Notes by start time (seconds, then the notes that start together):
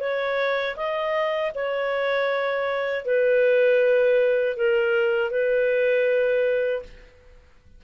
0.00 C#5
0.76 D#5
1.55 C#5
3.05 B4
4.57 A#4
5.31 B4